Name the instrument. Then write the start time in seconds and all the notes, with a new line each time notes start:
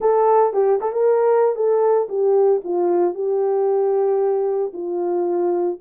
horn
0.00 A4
0.53 G4
0.80 A4
0.92 A#4
1.55 A4
2.09 G4
2.63 F4
3.14 G4
4.73 F4